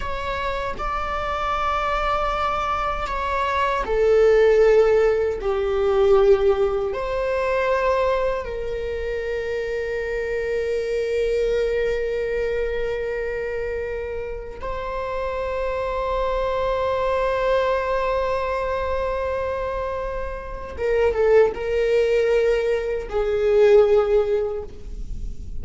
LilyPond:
\new Staff \with { instrumentName = "viola" } { \time 4/4 \tempo 4 = 78 cis''4 d''2. | cis''4 a'2 g'4~ | g'4 c''2 ais'4~ | ais'1~ |
ais'2. c''4~ | c''1~ | c''2. ais'8 a'8 | ais'2 gis'2 | }